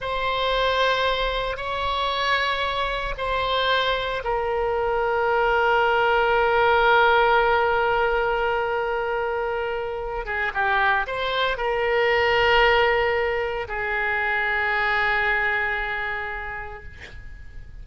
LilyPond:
\new Staff \with { instrumentName = "oboe" } { \time 4/4 \tempo 4 = 114 c''2. cis''4~ | cis''2 c''2 | ais'1~ | ais'1~ |
ais'2.~ ais'8 gis'8 | g'4 c''4 ais'2~ | ais'2 gis'2~ | gis'1 | }